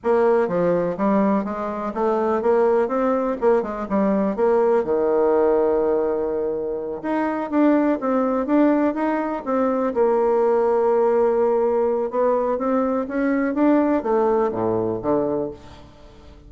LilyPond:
\new Staff \with { instrumentName = "bassoon" } { \time 4/4 \tempo 4 = 124 ais4 f4 g4 gis4 | a4 ais4 c'4 ais8 gis8 | g4 ais4 dis2~ | dis2~ dis8 dis'4 d'8~ |
d'8 c'4 d'4 dis'4 c'8~ | c'8 ais2.~ ais8~ | ais4 b4 c'4 cis'4 | d'4 a4 a,4 d4 | }